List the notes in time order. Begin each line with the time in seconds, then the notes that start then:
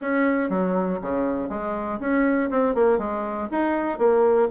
0.01 C#4
0.49 F#3
1.01 C#3
1.49 G#3
2.00 C#4
2.50 C4
2.74 A#3
2.98 G#3
3.51 D#4
3.98 A#3